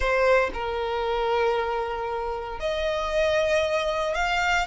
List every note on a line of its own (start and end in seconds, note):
0.00 0.50 C5
0.53 2.59 A#4
2.59 4.14 D#5
4.14 4.66 F5